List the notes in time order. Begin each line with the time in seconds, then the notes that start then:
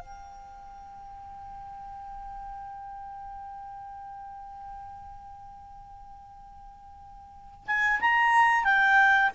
0.00 G5
7.67 G#5
8.01 A#5
8.65 G5